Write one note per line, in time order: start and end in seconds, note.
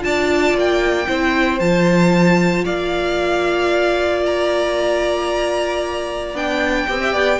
0.00 0.54 D4
0.00 1.05 F4
0.00 1.08 D5
0.00 0.56 A5
0.54 1.07 A#3
0.54 1.59 G5
1.07 1.59 C4
1.07 1.59 E4
1.07 2.64 C5
1.59 2.65 F3
1.59 6.35 F4
1.59 2.64 A5
2.64 6.33 A#3
2.64 6.85 D5
2.64 4.23 F5
4.25 6.36 A#5
6.33 6.86 B3
6.33 6.87 D4
6.33 7.40 G5
6.88 7.00 B3
6.88 7.12 C4
6.88 7.40 G4
7.00 7.12 E5
7.12 7.39 B3
7.12 7.39 D5